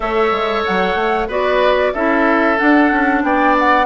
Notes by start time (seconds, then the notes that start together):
0.00 A3 A4 C#5 E5
0.31 G#3
0.65 F#3 F#5
0.95 A3
1.28 B3 F#4 B4 D5
1.93 C#4 E4 A4 E5
2.57 D4 F#5
2.91 C#4
3.23 B3 D5 G5
3.58 F#5